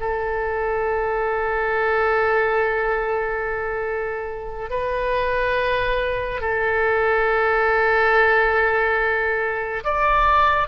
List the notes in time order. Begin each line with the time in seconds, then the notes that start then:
0.00 A4
4.70 B4
6.41 A4
9.84 D5